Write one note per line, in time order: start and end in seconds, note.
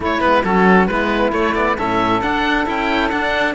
0.00 0.20 A3
0.00 0.23 A3
0.00 0.44 E4
0.00 0.21 C#5
0.20 0.44 G#3
0.20 0.42 B3
0.20 0.43 B4
0.44 0.87 F#3
0.44 0.89 C#4
0.44 0.88 F#4
0.44 0.86 A4
0.86 1.32 G#3
0.86 1.32 B3
0.86 1.76 E4
0.86 1.31 B4
1.32 1.54 A3
1.32 1.77 A3
1.32 1.54 C#5
1.54 1.77 B3
1.54 1.76 D5
1.76 2.20 A2
1.76 2.23 C#4
1.76 3.54 A4
1.76 2.21 E5
2.20 2.65 D4
2.20 2.66 F#5
2.65 3.12 C#4
2.65 3.10 E4
2.65 3.10 G5
3.10 3.54 D4
3.10 3.54 F#5